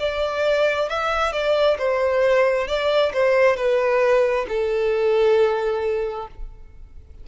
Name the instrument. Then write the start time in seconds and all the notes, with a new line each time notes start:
violin
0.00 D5
0.90 E5
1.33 D5
1.79 C5
2.68 D5
3.13 C5
3.57 B4
4.49 A4